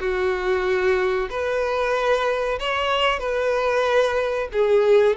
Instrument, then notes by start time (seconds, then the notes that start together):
violin
0.00 F#4
1.30 B4
2.60 C#5
3.19 B4
4.52 G#4